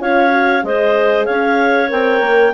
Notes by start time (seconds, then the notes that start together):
0.00 C#4 F4 C#5 F5
0.30 F#4
0.62 G#3 G#4 C5 D#5
1.25 C#4 C#5 F5
1.89 C4 A#4 G5
2.21 A#3